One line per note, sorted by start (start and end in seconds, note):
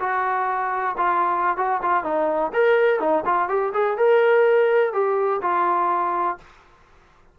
0.00 0.96 F#4
0.98 1.57 F4
1.57 1.81 F#4
1.83 2.04 F4
2.04 2.52 D#4
2.53 3.00 A#4
3.00 3.24 D#4
3.26 3.49 F4
3.49 3.73 G4
3.74 3.97 G#4
3.97 4.93 A#4
4.93 5.41 G4
5.42 6.38 F4